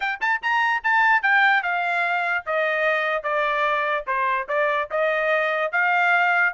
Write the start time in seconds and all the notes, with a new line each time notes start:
0.00 G5
0.21 A5
0.42 A#5
0.83 A5
1.22 G5
1.63 F5
2.46 D#5
3.23 D5
4.06 C5
4.48 D5
4.91 D#5
5.71 F5